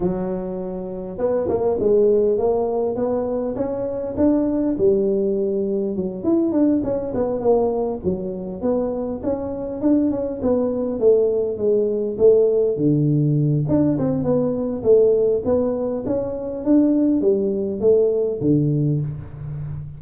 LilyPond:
\new Staff \with { instrumentName = "tuba" } { \time 4/4 \tempo 4 = 101 fis2 b8 ais8 gis4 | ais4 b4 cis'4 d'4 | g2 fis8 e'8 d'8 cis'8 | b8 ais4 fis4 b4 cis'8~ |
cis'8 d'8 cis'8 b4 a4 gis8~ | gis8 a4 d4. d'8 c'8 | b4 a4 b4 cis'4 | d'4 g4 a4 d4 | }